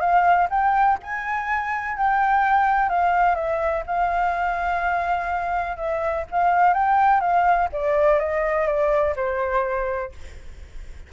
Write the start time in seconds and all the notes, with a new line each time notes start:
0.00 F5
0.50 G5
1.03 G#5
1.97 G5
2.89 F5
3.35 E5
3.86 F5
5.77 E5
6.31 F5
6.74 G5
7.20 F5
7.72 D5
8.19 D#5
8.67 D5
9.16 C5